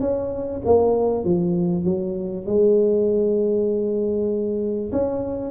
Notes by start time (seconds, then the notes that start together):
0.00 C#4
0.65 A#3
1.24 F3
1.84 F#3
2.46 G#3
4.92 C#4